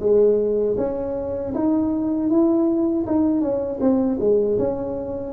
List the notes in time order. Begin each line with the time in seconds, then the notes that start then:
0.00 G#3
0.77 C#4
1.55 D#4
2.30 E4
3.07 D#4
3.41 C#4
3.81 C4
4.20 G#3
4.58 C#4